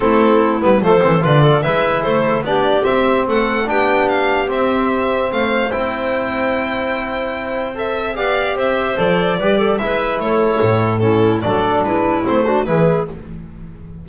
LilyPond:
<<
  \new Staff \with { instrumentName = "violin" } { \time 4/4 \tempo 4 = 147 a'4. b'8 c''4 d''4 | e''4 c''4 d''4 e''4 | fis''4 g''4 f''4 e''4~ | e''4 f''4 g''2~ |
g''2. e''4 | f''4 e''4 d''2 | e''4 cis''2 a'4 | d''4 b'4 c''4 b'4 | }
  \new Staff \with { instrumentName = "clarinet" } { \time 4/4 e'2 a'4 b'8 a'8 | b'4 a'4 g'2 | a'4 g'2.~ | g'4 c''2.~ |
c''1 | d''4 c''2 b'8 a'8 | b'4 a'2 e'4 | a'4 e'4. fis'8 gis'4 | }
  \new Staff \with { instrumentName = "trombone" } { \time 4/4 c'4. b8 a8 c'8 f'4 | e'2 d'4 c'4~ | c'4 d'2 c'4~ | c'2 e'2~ |
e'2. a'4 | g'2 a'4 g'4 | e'2. cis'4 | d'2 c'8 d'8 e'4 | }
  \new Staff \with { instrumentName = "double bass" } { \time 4/4 a4. g8 f8 e8 d4 | gis4 a4 b4 c'4 | a4 b2 c'4~ | c'4 a4 c'2~ |
c'1 | b4 c'4 f4 g4 | gis4 a4 a,2 | fis4 gis4 a4 e4 | }
>>